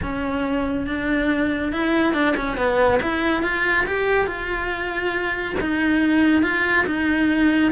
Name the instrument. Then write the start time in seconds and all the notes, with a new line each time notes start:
cello
0.02 C#4
0.86 D4
1.72 E4
2.13 D4
2.36 C#4
2.57 B3
3.02 E4
3.43 F4
3.86 G4
4.26 F4
5.60 D#4
6.42 F4
6.86 D#4